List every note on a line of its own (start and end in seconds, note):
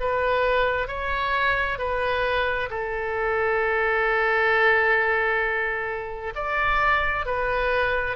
0.00 0.88 B4
0.88 1.78 C#5
1.78 2.69 B4
2.70 6.33 A4
6.35 7.26 D5
7.26 8.16 B4